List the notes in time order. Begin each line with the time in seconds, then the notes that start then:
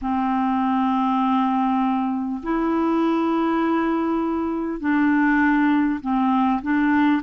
0.01 C4
2.42 E4
4.79 D4
6.00 C4
6.62 D4